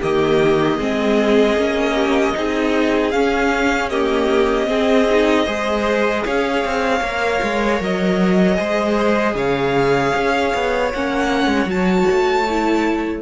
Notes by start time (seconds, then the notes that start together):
0.00 D#3 A#3 G4 D#5
0.77 G#3 C4 G#4
1.56 A#3 C#4
1.94 G4
2.34 C4 D#4 G#4
3.11 C#4 F5
3.89 A#3 G4 D#5
4.66 C4 G#4
5.10 D#4
5.45 G#3 G#4 C5
6.24 C#4 C#5 F5
6.64 C4
7.00 A#3 A#4
7.42 G#3
7.80 F#3 D#5
8.55 G#3 G#4 C5
9.34 C#3 C#5 F5
10.15 C#4
10.54 B3
10.92 A#3 C#4 F#5
11.47 G#3
11.65 F#3 F#4 A5
12.11 A3
12.50 E4